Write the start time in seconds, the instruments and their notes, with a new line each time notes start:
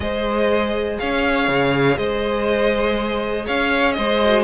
0.00 cello G#3, viola G#4, violin C5 D#5
0.98 cello C#4, violin C#5 F5
1.47 cello C#3
1.97 cello G#3, violin C5 D#5
3.45 cello C#4, violin C#5 F5
3.92 cello G#3, violin C5 D#5
4.23 viola F#4